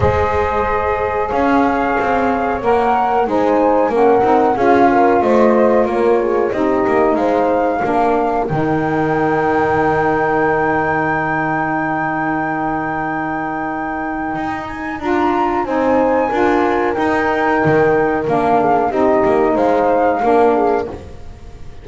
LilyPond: <<
  \new Staff \with { instrumentName = "flute" } { \time 4/4 \tempo 4 = 92 dis''2 f''2 | fis''4 gis''4 fis''4 f''4 | dis''4 cis''4 dis''4 f''4~ | f''4 g''2.~ |
g''1~ | g''2~ g''8 gis''8 ais''4 | gis''2 g''2 | f''4 dis''4 f''2 | }
  \new Staff \with { instrumentName = "horn" } { \time 4/4 c''2 cis''2~ | cis''4 c''4 ais'4 gis'8 ais'8 | c''4 ais'8 gis'8 g'4 c''4 | ais'1~ |
ais'1~ | ais'1 | c''4 ais'2.~ | ais'8 gis'8 g'4 c''4 ais'8 gis'8 | }
  \new Staff \with { instrumentName = "saxophone" } { \time 4/4 gis'1 | ais'4 dis'4 cis'8 dis'8 f'4~ | f'2 dis'2 | d'4 dis'2.~ |
dis'1~ | dis'2. f'4 | dis'4 f'4 dis'2 | d'4 dis'2 d'4 | }
  \new Staff \with { instrumentName = "double bass" } { \time 4/4 gis2 cis'4 c'4 | ais4 gis4 ais8 c'8 cis'4 | a4 ais4 c'8 ais8 gis4 | ais4 dis2.~ |
dis1~ | dis2 dis'4 d'4 | c'4 d'4 dis'4 dis4 | ais4 c'8 ais8 gis4 ais4 | }
>>